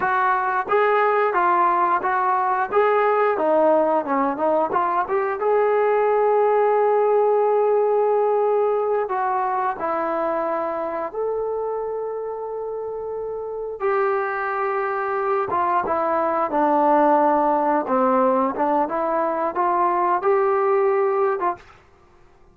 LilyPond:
\new Staff \with { instrumentName = "trombone" } { \time 4/4 \tempo 4 = 89 fis'4 gis'4 f'4 fis'4 | gis'4 dis'4 cis'8 dis'8 f'8 g'8 | gis'1~ | gis'4. fis'4 e'4.~ |
e'8 a'2.~ a'8~ | a'8 g'2~ g'8 f'8 e'8~ | e'8 d'2 c'4 d'8 | e'4 f'4 g'4.~ g'16 f'16 | }